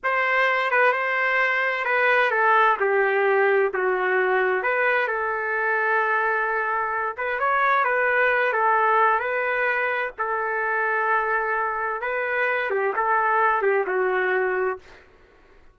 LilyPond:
\new Staff \with { instrumentName = "trumpet" } { \time 4/4 \tempo 4 = 130 c''4. b'8 c''2 | b'4 a'4 g'2 | fis'2 b'4 a'4~ | a'2.~ a'8 b'8 |
cis''4 b'4. a'4. | b'2 a'2~ | a'2 b'4. g'8 | a'4. g'8 fis'2 | }